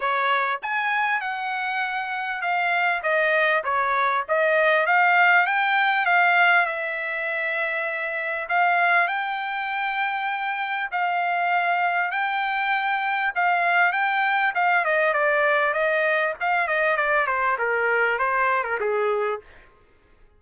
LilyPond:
\new Staff \with { instrumentName = "trumpet" } { \time 4/4 \tempo 4 = 99 cis''4 gis''4 fis''2 | f''4 dis''4 cis''4 dis''4 | f''4 g''4 f''4 e''4~ | e''2 f''4 g''4~ |
g''2 f''2 | g''2 f''4 g''4 | f''8 dis''8 d''4 dis''4 f''8 dis''8 | d''8 c''8 ais'4 c''8. ais'16 gis'4 | }